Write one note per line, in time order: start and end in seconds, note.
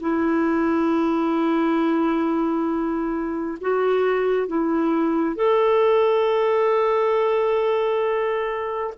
0.00 3.58 E4
3.61 4.47 F#4
4.47 5.35 E4
5.35 8.93 A4